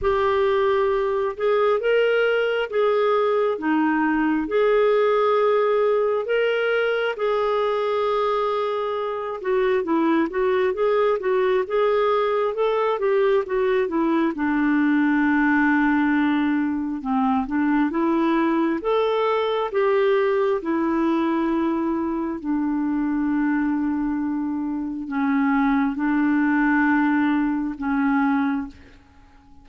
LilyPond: \new Staff \with { instrumentName = "clarinet" } { \time 4/4 \tempo 4 = 67 g'4. gis'8 ais'4 gis'4 | dis'4 gis'2 ais'4 | gis'2~ gis'8 fis'8 e'8 fis'8 | gis'8 fis'8 gis'4 a'8 g'8 fis'8 e'8 |
d'2. c'8 d'8 | e'4 a'4 g'4 e'4~ | e'4 d'2. | cis'4 d'2 cis'4 | }